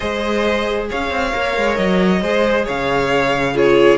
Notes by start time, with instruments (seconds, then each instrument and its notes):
0.00 cello G#3, viola G#4, violin C5 D#5
0.89 cello C#4, violin C#5 F5
1.10 cello C4
1.33 cello A#3, viola A#4
1.56 cello G#3
1.76 cello F#3, violin D#5
2.21 cello G#3, viola G#4, violin C5
2.64 cello C#3, violin C#5 F5
3.54 viola F4, violin G#4 C#5